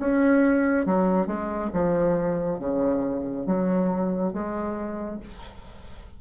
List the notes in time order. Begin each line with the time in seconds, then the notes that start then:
0.00 C#4
0.86 F#3
1.27 G#3
1.74 F3
2.60 C#3
3.47 F#3
4.34 G#3